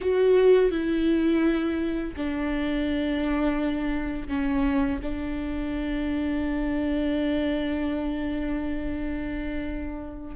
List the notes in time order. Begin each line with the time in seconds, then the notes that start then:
0.00 F#4
0.71 E4
2.16 D4
4.28 C#4
5.02 D4